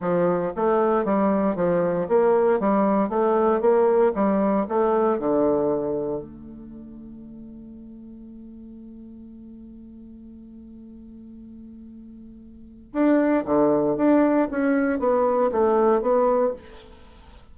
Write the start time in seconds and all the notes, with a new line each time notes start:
0.00 F3
0.55 A3
1.04 G3
1.55 F3
2.08 A#3
2.59 G3
3.09 A3
3.60 A#3
4.14 G3
4.68 A3
5.18 D3
6.21 A3
12.92 D4
13.45 D3
13.96 D4
14.51 C#4
14.99 B3
15.51 A3
16.01 B3